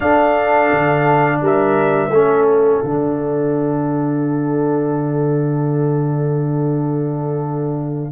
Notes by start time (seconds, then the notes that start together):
0.00 D4 A4 F5
0.72 D3
1.41 G3 A#4 E5
2.09 A3 C#4 A4
2.48 F5
2.83 D3 D4